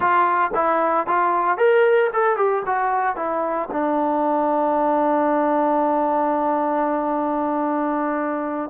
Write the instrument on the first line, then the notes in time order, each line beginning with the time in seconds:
trombone
0.00 F4
0.54 E4
1.06 F4
1.57 A#4
2.13 A4
2.36 G4
2.66 F#4
3.16 E4
3.71 D4